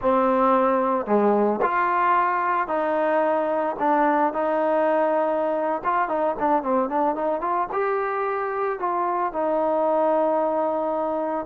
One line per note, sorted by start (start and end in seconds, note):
0.01 1.05 C4
1.05 1.59 G#3
1.62 2.67 F4
2.67 3.75 D#4
3.79 4.33 D4
4.33 5.82 D#4
5.84 6.08 F4
6.08 6.35 D#4
6.39 6.62 D4
6.62 6.89 C4
6.89 7.15 D4
7.15 7.40 D#4
7.40 7.67 F4
7.72 8.79 G4
8.79 9.32 F4
9.32 11.46 D#4